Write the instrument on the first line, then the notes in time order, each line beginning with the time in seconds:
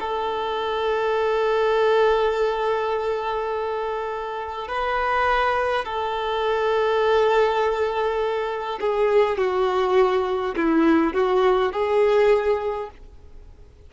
violin
0.00 A4
4.67 B4
5.85 A4
8.80 G#4
9.37 F#4
10.56 E4
11.13 F#4
11.72 G#4